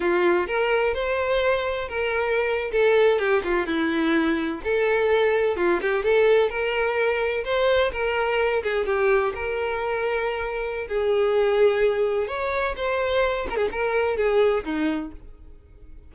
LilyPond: \new Staff \with { instrumentName = "violin" } { \time 4/4 \tempo 4 = 127 f'4 ais'4 c''2 | ais'4.~ ais'16 a'4 g'8 f'8 e'16~ | e'4.~ e'16 a'2 f'16~ | f'16 g'8 a'4 ais'2 c''16~ |
c''8. ais'4. gis'8 g'4 ais'16~ | ais'2. gis'4~ | gis'2 cis''4 c''4~ | c''8 ais'16 gis'16 ais'4 gis'4 dis'4 | }